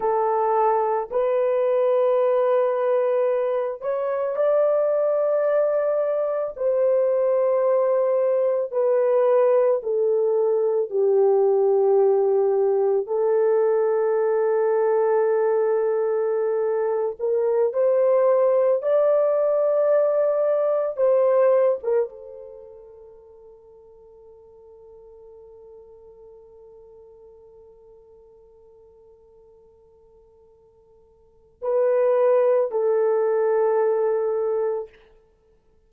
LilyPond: \new Staff \with { instrumentName = "horn" } { \time 4/4 \tempo 4 = 55 a'4 b'2~ b'8 cis''8 | d''2 c''2 | b'4 a'4 g'2 | a'2.~ a'8. ais'16~ |
ais'16 c''4 d''2 c''8. | ais'16 a'2.~ a'8.~ | a'1~ | a'4 b'4 a'2 | }